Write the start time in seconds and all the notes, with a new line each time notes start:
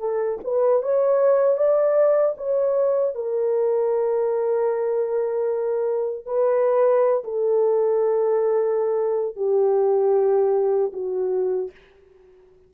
0.00 A4
0.44 B4
0.83 C#5
1.58 D5
2.38 C#5
3.15 A#4
6.26 B4
7.24 A4
9.36 G4
10.93 F#4